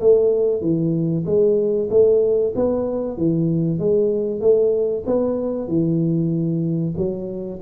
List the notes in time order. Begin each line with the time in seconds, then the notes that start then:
0.00 A3
0.61 E3
1.25 G#3
1.90 A3
2.56 B3
3.18 E3
3.79 G#3
4.40 A3
5.06 B3
5.68 E3
6.97 F#3